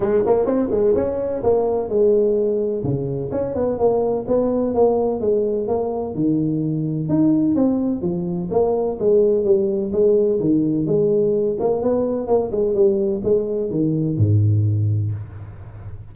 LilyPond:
\new Staff \with { instrumentName = "tuba" } { \time 4/4 \tempo 4 = 127 gis8 ais8 c'8 gis8 cis'4 ais4 | gis2 cis4 cis'8 b8 | ais4 b4 ais4 gis4 | ais4 dis2 dis'4 |
c'4 f4 ais4 gis4 | g4 gis4 dis4 gis4~ | gis8 ais8 b4 ais8 gis8 g4 | gis4 dis4 gis,2 | }